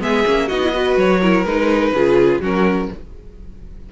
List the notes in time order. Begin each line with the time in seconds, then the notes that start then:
0.00 G#3 B3 G#4 E5
0.25 A#3 C#4
0.48 B3 D#4 F#4 D#5
0.63 E4
0.73 F#4 B4
0.96 F#3 C#5
1.20 E4 A#4
1.44 G#3 D#4 B4
1.92 C#3 F4 G#4
2.41 F#3 C#4 F#4 A#4